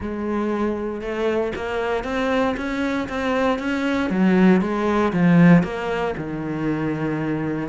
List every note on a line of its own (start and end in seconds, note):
0.00 1.01 G#3
1.01 1.52 A3
1.55 2.04 A#3
2.04 2.55 C4
2.56 3.08 C#4
3.08 3.58 C4
3.58 4.10 C#4
4.10 4.61 F#3
4.61 5.12 G#3
5.12 5.63 F3
5.63 6.14 A#3
6.17 7.68 D#3